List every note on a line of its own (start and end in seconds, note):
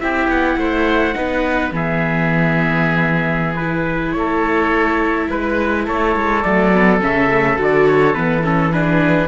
0.00 0.27 C4
0.00 1.14 E4
0.00 0.58 G4
0.00 0.29 E5
0.27 0.56 B3
0.27 1.73 F#5
0.57 1.14 A3
0.57 1.16 C5
1.14 1.71 B3
1.14 1.71 D#4
1.14 1.74 B4
1.71 4.14 E3
1.71 3.57 B3
1.71 4.17 G#4
1.71 3.55 E5
3.55 6.43 E4
3.55 4.12 B4
4.12 5.28 A3
4.12 5.30 A4
4.12 5.26 C#5
5.30 5.87 G#3
5.30 5.87 B4
5.30 5.85 B4
5.85 6.15 A3
5.85 8.71 A4
5.85 6.42 C#5
6.15 6.44 G#3
6.42 7.01 F#3
6.42 6.72 A3
6.42 7.00 D5
6.74 7.00 B3
7.00 7.58 C#3
7.00 7.29 C#4
7.00 7.60 E5
7.31 7.56 A3
7.56 8.16 D3
7.56 8.13 F#4
7.56 7.87 D5
7.87 8.14 C#5
8.14 9.28 E3
8.14 8.43 B3
8.14 8.43 B4
8.43 8.72 C#4
8.43 8.72 A4
8.71 9.28 D4
8.71 9.28 G#4
8.71 9.28 B4